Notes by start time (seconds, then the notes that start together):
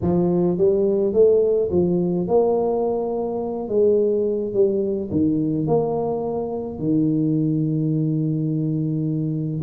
0.01 F3
0.57 G3
1.13 A3
1.71 F3
2.27 A#3
3.68 G#3
4.53 G3
5.10 D#3
5.67 A#3
6.78 D#3